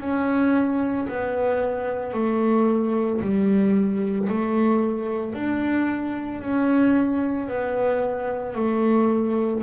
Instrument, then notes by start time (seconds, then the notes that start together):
double bass
0.00 C#4
1.08 B3
2.13 A3
3.20 G3
4.29 A3
5.34 D4
6.41 C#4
7.48 B3
8.55 A3